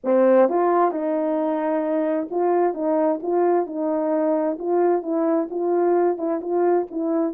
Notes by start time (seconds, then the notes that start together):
0.04 C4
0.49 F4
0.91 D#4
2.30 F4
2.74 D#4
3.22 F4
3.66 D#4
4.59 F4
5.02 E4
5.50 F4
6.17 E4
6.41 F4
6.90 E4